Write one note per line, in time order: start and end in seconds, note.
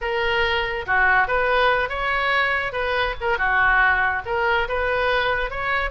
0.01 0.85 A#4
0.86 1.27 F#4
1.27 1.89 B4
1.89 2.72 C#5
2.72 3.14 B4
3.20 3.38 A#4
3.38 4.22 F#4
4.25 4.68 A#4
4.68 5.50 B4
5.50 5.90 C#5